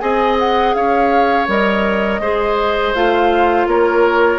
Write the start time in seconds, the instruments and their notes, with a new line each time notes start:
0.00 bassoon C4, clarinet G#4, oboe D#5, flute G#5
0.39 flute F#5
0.74 bassoon C#4, oboe C#5, flute F5
1.48 bassoon G3, clarinet A#4, flute D#5
2.20 bassoon G#3, clarinet G#4, oboe C5
2.95 bassoon A3, clarinet F4, flute F5
3.67 bassoon A#3, oboe A#4, flute C#5